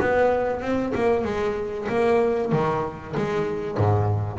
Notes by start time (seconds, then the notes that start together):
0.00 B3
0.61 C4
0.94 A#3
1.25 G#3
1.89 A#3
2.52 D#3
3.17 G#3
3.77 G#2